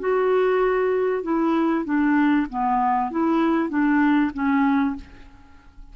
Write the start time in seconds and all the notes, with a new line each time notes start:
0.00 F#4
1.23 E4
1.85 D4
2.50 B3
3.11 E4
3.70 D4
4.34 C#4